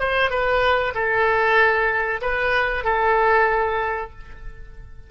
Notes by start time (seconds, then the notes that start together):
0.00 C5
0.30 B4
0.95 A4
2.21 B4
2.84 A4